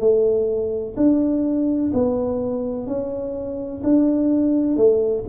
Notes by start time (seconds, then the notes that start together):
0.00 A3
0.97 D4
1.94 B3
2.87 C#4
3.84 D4
4.77 A3